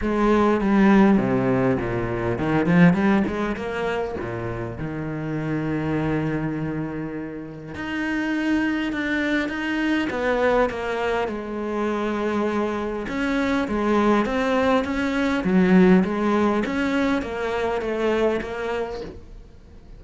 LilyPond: \new Staff \with { instrumentName = "cello" } { \time 4/4 \tempo 4 = 101 gis4 g4 c4 ais,4 | dis8 f8 g8 gis8 ais4 ais,4 | dis1~ | dis4 dis'2 d'4 |
dis'4 b4 ais4 gis4~ | gis2 cis'4 gis4 | c'4 cis'4 fis4 gis4 | cis'4 ais4 a4 ais4 | }